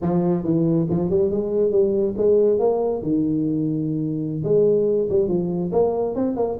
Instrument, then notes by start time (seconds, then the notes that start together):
tuba
0.01 F3
0.44 E3
0.89 F3
1.09 G3
1.31 G#3
1.71 G3
2.17 G#3
2.59 A#3
3.02 D#3
4.44 G#3
5.10 G3
5.28 F3
5.72 A#3
6.15 C4
6.36 A#3